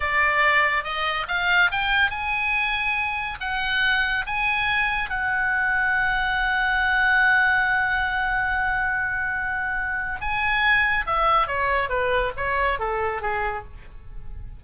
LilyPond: \new Staff \with { instrumentName = "oboe" } { \time 4/4 \tempo 4 = 141 d''2 dis''4 f''4 | g''4 gis''2. | fis''2 gis''2 | fis''1~ |
fis''1~ | fis''1 | gis''2 e''4 cis''4 | b'4 cis''4 a'4 gis'4 | }